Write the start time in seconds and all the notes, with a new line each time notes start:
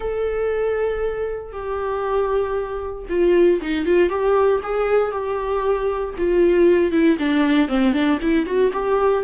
0.00 A4
1.52 G4
3.09 F4
3.61 D#4
3.85 F4
4.09 G4
4.62 G#4
5.11 G4
6.18 F4
6.91 E4
7.18 D4
7.68 C4
7.93 D4
8.21 E4
8.46 F#4
8.72 G4